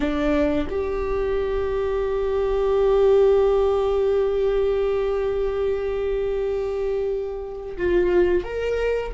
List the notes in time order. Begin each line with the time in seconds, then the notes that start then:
0.00 D4
0.70 G4
7.77 F4
8.44 A#4